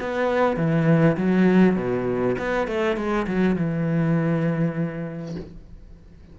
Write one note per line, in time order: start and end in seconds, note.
0.00 0.57 B3
0.57 1.17 E3
1.18 1.76 F#3
1.76 2.36 B2
2.39 2.68 B3
2.68 2.97 A3
2.97 3.27 G#3
3.27 3.56 F#3
3.56 5.36 E3